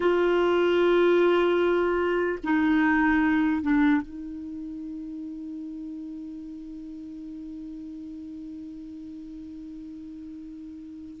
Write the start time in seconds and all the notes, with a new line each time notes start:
0.00 F4
2.43 D#4
3.62 D4
4.01 D#4